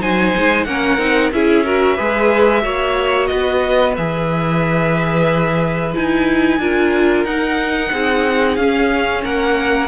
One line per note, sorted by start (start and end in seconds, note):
0.00 0.34 F#3
0.00 0.66 D#4
0.00 0.66 C5
0.00 0.64 G#5
0.36 0.66 G#3
0.64 0.98 A#3
0.64 0.98 C#4
0.64 1.33 A#4
0.64 1.30 F#5
0.98 1.31 C4
0.98 1.31 D#4
1.33 1.99 C#4
1.33 1.65 E4
1.33 1.65 G#4
1.33 3.27 E5
1.65 1.98 F#4
1.65 1.96 A#4
1.96 2.64 G#3
1.96 2.62 G#4
1.96 2.62 B4
2.62 3.30 A#3
2.62 3.94 F#4
2.62 3.29 C#5
3.27 3.97 B3
3.27 6.59 B4
3.27 3.93 D#5
3.97 5.95 E3
3.97 5.94 G#4
3.97 5.94 E5
5.94 6.59 D#4
5.94 6.60 E4
5.94 7.25 G#5
6.59 7.24 D4
6.59 7.27 F4
6.59 7.92 A#4
7.24 7.90 D#4
7.24 8.59 D#4
7.24 8.56 F#5
7.92 8.57 C4
7.92 9.24 G#4
8.56 9.23 C#4
8.56 9.88 C#4
8.56 9.22 F5
9.24 9.88 A#3
9.24 9.88 A#4
9.24 9.88 F#5